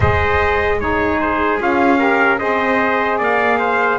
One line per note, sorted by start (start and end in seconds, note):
0.00 1.59 G#3
0.00 0.80 G#4
0.00 0.78 C5
0.00 0.80 D#5
0.80 1.58 D#4
0.80 1.98 G#4
0.80 1.20 C#5
1.20 1.60 C5
1.58 2.40 C#4
1.58 1.97 F4
1.58 2.38 F5
1.97 2.37 G4
1.97 2.38 A#4
2.38 3.19 C4
2.38 3.98 G#4
2.38 3.18 C5
2.38 3.18 D#5
3.18 3.98 A#3
3.18 3.58 D5
3.18 3.98 F5
3.59 3.98 C5